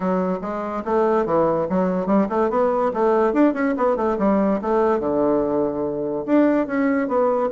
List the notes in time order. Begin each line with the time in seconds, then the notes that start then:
0.00 F#3
0.41 G#3
0.84 A3
1.25 E3
1.69 F#3
2.06 G3
2.29 A3
2.50 B3
2.93 A3
3.33 D4
3.53 C#4
3.77 B3
3.96 A3
4.18 G3
4.61 A3
4.99 D3
6.25 D4
6.66 C#4
7.08 B3